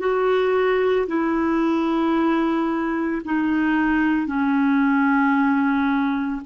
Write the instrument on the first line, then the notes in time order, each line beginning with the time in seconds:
clarinet
0.00 F#4
1.08 E4
3.25 D#4
4.27 C#4